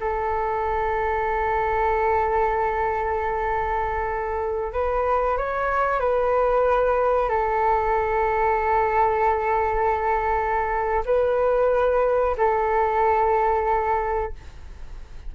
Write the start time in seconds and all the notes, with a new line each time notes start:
0.00 A4
4.73 B4
5.37 C#5
6.00 B4
7.29 A4
11.05 B4
12.37 A4